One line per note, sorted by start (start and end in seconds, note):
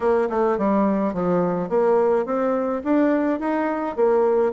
0.00 0.28 A#3
0.29 0.58 A3
0.58 1.13 G3
1.13 1.69 F3
1.69 2.25 A#3
2.25 2.82 C4
2.84 3.39 D4
3.39 3.96 D#4
3.96 4.52 A#3